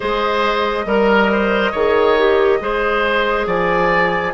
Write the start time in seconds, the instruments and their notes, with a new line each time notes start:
0.00 bassoon G#3, clarinet G#4, oboe C5, flute D#5
0.85 bassoon G3, clarinet A#4, oboe A#4
1.32 oboe C5
1.71 bassoon D#3, clarinet G#4, oboe C#5
2.18 clarinet G4
2.60 bassoon G#3, clarinet G#4, oboe C5
3.46 bassoon F3, oboe D5, flute G#5